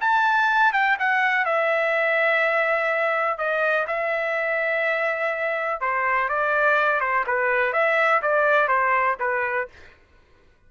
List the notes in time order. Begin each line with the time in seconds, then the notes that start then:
0.00 A5
0.73 G5
0.99 F#5
1.45 E5
3.38 D#5
3.87 E5
5.81 C5
6.28 D5
7.00 C5
7.26 B4
7.72 E5
8.21 D5
8.68 C5
9.19 B4